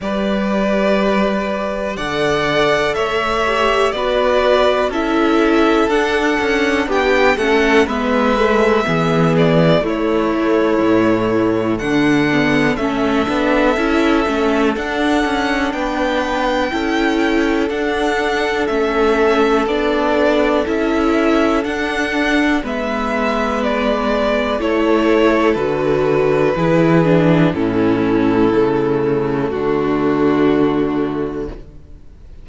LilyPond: <<
  \new Staff \with { instrumentName = "violin" } { \time 4/4 \tempo 4 = 61 d''2 fis''4 e''4 | d''4 e''4 fis''4 g''8 fis''8 | e''4. d''8 cis''2 | fis''4 e''2 fis''4 |
g''2 fis''4 e''4 | d''4 e''4 fis''4 e''4 | d''4 cis''4 b'2 | a'2 fis'2 | }
  \new Staff \with { instrumentName = "violin" } { \time 4/4 b'2 d''4 cis''4 | b'4 a'2 g'8 a'8 | b'4 gis'4 e'2 | d'4 a'2. |
b'4 a'2.~ | a'2. b'4~ | b'4 a'2 gis'4 | e'2 d'2 | }
  \new Staff \with { instrumentName = "viola" } { \time 4/4 g'2 a'4. g'8 | fis'4 e'4 d'4. cis'8 | b8 a8 b4 a2~ | a8 b8 cis'8 d'8 e'8 cis'8 d'4~ |
d'4 e'4 d'4 cis'4 | d'4 e'4 d'4 b4~ | b4 e'4 fis'4 e'8 d'8 | cis'4 a2. | }
  \new Staff \with { instrumentName = "cello" } { \time 4/4 g2 d4 a4 | b4 cis'4 d'8 cis'8 b8 a8 | gis4 e4 a4 a,4 | d4 a8 b8 cis'8 a8 d'8 cis'8 |
b4 cis'4 d'4 a4 | b4 cis'4 d'4 gis4~ | gis4 a4 d4 e4 | a,4 cis4 d2 | }
>>